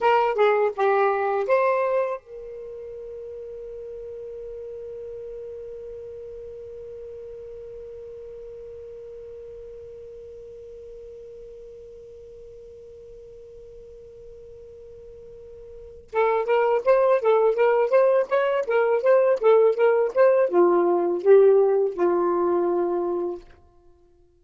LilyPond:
\new Staff \with { instrumentName = "saxophone" } { \time 4/4 \tempo 4 = 82 ais'8 gis'8 g'4 c''4 ais'4~ | ais'1~ | ais'1~ | ais'1~ |
ais'1~ | ais'2 a'8 ais'8 c''8 a'8 | ais'8 c''8 cis''8 ais'8 c''8 a'8 ais'8 c''8 | f'4 g'4 f'2 | }